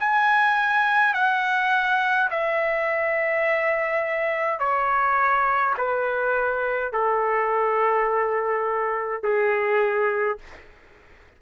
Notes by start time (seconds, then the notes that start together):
0.00 G#5
1.14 F#5
2.31 E5
4.59 C#5
5.78 B4
6.93 A4
9.23 G#4